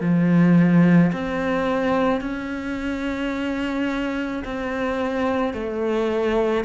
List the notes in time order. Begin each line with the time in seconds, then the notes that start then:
0.00 F3
1.12 C4
2.21 C#4
4.44 C4
5.53 A3